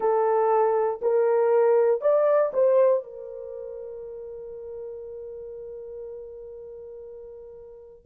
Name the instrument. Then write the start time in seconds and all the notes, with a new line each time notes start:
horn
0.00 A4
1.01 A#4
2.01 D5
2.53 C5
3.03 A#4